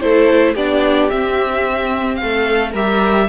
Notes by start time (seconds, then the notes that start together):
0.00 A3 E4 A4 C5
0.54 B3 D4 G4 D5
1.10 C4 E5
2.15 F5
2.22 A3 A4
2.72 G3 G4 A#4 E5